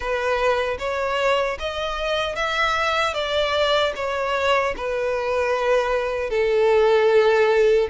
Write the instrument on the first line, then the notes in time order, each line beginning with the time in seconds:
violin
0.00 B4
0.79 C#5
1.59 D#5
2.35 E5
3.14 D5
3.95 C#5
4.76 B4
6.30 A4